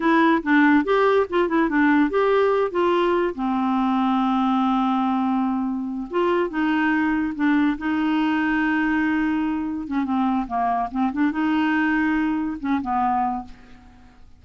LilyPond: \new Staff \with { instrumentName = "clarinet" } { \time 4/4 \tempo 4 = 143 e'4 d'4 g'4 f'8 e'8 | d'4 g'4. f'4. | c'1~ | c'2~ c'8 f'4 dis'8~ |
dis'4. d'4 dis'4.~ | dis'2.~ dis'8 cis'8 | c'4 ais4 c'8 d'8 dis'4~ | dis'2 cis'8 b4. | }